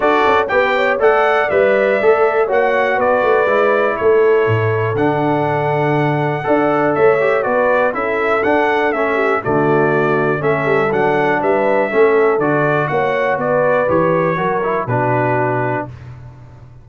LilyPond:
<<
  \new Staff \with { instrumentName = "trumpet" } { \time 4/4 \tempo 4 = 121 d''4 g''4 fis''4 e''4~ | e''4 fis''4 d''2 | cis''2 fis''2~ | fis''2 e''4 d''4 |
e''4 fis''4 e''4 d''4~ | d''4 e''4 fis''4 e''4~ | e''4 d''4 fis''4 d''4 | cis''2 b'2 | }
  \new Staff \with { instrumentName = "horn" } { \time 4/4 a'4 b'8 cis''8 d''2~ | d''4 cis''4 b'2 | a'1~ | a'4 d''4 cis''4 b'4 |
a'2~ a'8 g'8 fis'4~ | fis'4 a'2 b'4 | a'2 cis''4 b'4~ | b'4 ais'4 fis'2 | }
  \new Staff \with { instrumentName = "trombone" } { \time 4/4 fis'4 g'4 a'4 b'4 | a'4 fis'2 e'4~ | e'2 d'2~ | d'4 a'4. g'8 fis'4 |
e'4 d'4 cis'4 a4~ | a4 cis'4 d'2 | cis'4 fis'2. | g'4 fis'8 e'8 d'2 | }
  \new Staff \with { instrumentName = "tuba" } { \time 4/4 d'8 cis'8 b4 a4 g4 | a4 ais4 b8 a8 gis4 | a4 a,4 d2~ | d4 d'4 a4 b4 |
cis'4 d'4 a4 d4~ | d4 a8 g8 fis4 g4 | a4 d4 ais4 b4 | e4 fis4 b,2 | }
>>